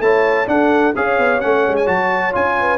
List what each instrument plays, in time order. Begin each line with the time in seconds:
0.00 tuba A3, trombone E4, horn C#5, trumpet A5
0.47 trombone D4, tuba D4, horn A4, trumpet F#5
0.96 tuba C#4, trombone G#4, horn C#5, trumpet F5
1.19 tuba B3
1.40 tuba A3, trombone C#4, trumpet F#5
1.69 tuba G#3
1.77 trumpet G#5
1.86 tuba F#3, trombone F#4, trumpet A5
2.33 tuba C#4, trombone F4, trumpet G#5
2.60 horn B4